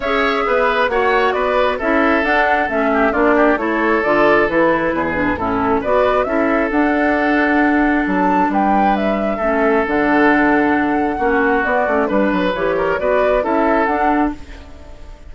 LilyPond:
<<
  \new Staff \with { instrumentName = "flute" } { \time 4/4 \tempo 4 = 134 e''2 fis''4 d''4 | e''4 fis''4 e''4 d''4 | cis''4 d''4 b'2 | a'4 d''4 e''4 fis''4~ |
fis''2 a''4 g''4 | e''2 fis''2~ | fis''2 d''4 b'4 | cis''4 d''4 e''4 fis''4 | }
  \new Staff \with { instrumentName = "oboe" } { \time 4/4 cis''4 b'4 cis''4 b'4 | a'2~ a'8 g'8 f'8 g'8 | a'2. gis'4 | e'4 b'4 a'2~ |
a'2. b'4~ | b'4 a'2.~ | a'4 fis'2 b'4~ | b'8 ais'8 b'4 a'2 | }
  \new Staff \with { instrumentName = "clarinet" } { \time 4/4 gis'2 fis'2 | e'4 d'4 cis'4 d'4 | e'4 f'4 e'4. d'8 | cis'4 fis'4 e'4 d'4~ |
d'1~ | d'4 cis'4 d'2~ | d'4 cis'4 b8 cis'8 d'4 | g'4 fis'4 e'4 d'4 | }
  \new Staff \with { instrumentName = "bassoon" } { \time 4/4 cis'4 b4 ais4 b4 | cis'4 d'4 a4 ais4 | a4 d4 e4 e,4 | a,4 b4 cis'4 d'4~ |
d'2 fis4 g4~ | g4 a4 d2~ | d4 ais4 b8 a8 g8 fis8 | e4 b4 cis'4 d'4 | }
>>